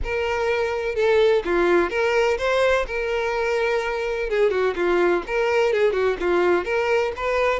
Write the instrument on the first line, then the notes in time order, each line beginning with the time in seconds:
violin
0.03 A#4
0.95 A4
1.44 F4
1.89 A#4
2.38 C5
2.86 A#4
4.29 G#4
4.50 F#4
4.75 F4
5.26 A#4
5.72 G#4
5.93 F#4
6.19 F4
6.64 A#4
7.16 B4